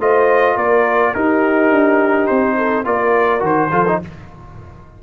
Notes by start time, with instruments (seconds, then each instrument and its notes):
0.00 tuba A3, trombone F4, horn C5, trumpet D#5
0.55 tuba A#3, horn A#4, trumpet D5
1.15 tuba D#4, trombone D#4, horn G4, trumpet A#4
1.71 tuba D4
2.27 tuba C4, trumpet C5
2.58 horn A4
2.85 tuba A#3, trombone F4, horn A#4, trumpet D5
3.40 tuba D#3, trombone F#4
3.46 trumpet C5
3.72 tuba F3, trombone F4, horn A4
3.88 trombone D#4